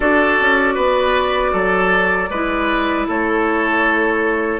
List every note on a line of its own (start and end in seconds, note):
0.00 0.38 D4
0.00 2.28 F#4
0.00 0.74 A4
0.00 3.08 D5
0.40 0.76 C#4
0.74 1.53 B3
0.74 1.51 B4
1.52 2.29 F#3
1.52 2.29 A4
2.29 3.06 G#3
2.29 4.60 E4
2.29 3.07 B4
3.07 4.60 A3
3.07 4.60 A4
3.07 4.60 C#5